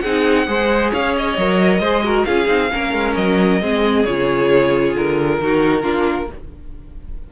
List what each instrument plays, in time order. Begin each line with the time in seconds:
0.00 cello C4, viola D#4, violin G#4 F#5
0.47 cello G#3, viola G#4, violin C5
0.92 cello C#4, violin C#5 F5
1.17 violin D#5
1.37 cello F#3, viola A#4
1.79 cello G#3, viola G#4, violin C5
2.04 viola F#4, violin A#4
2.25 cello C#4, viola F4, violin G#4 F5
2.46 cello C4, viola D#4
2.73 cello A#3, viola C#4, violin A#4
2.93 cello G#3
3.15 cello F#3, violin D#5
3.61 cello G#3, viola C4, violin G#4
4.05 cello C#3, viola F4, violin C#5
4.95 cello D3, violin A#4
5.41 cello D#3, viola D#4, violin F#4
5.83 cello A#3, viola D4, violin F4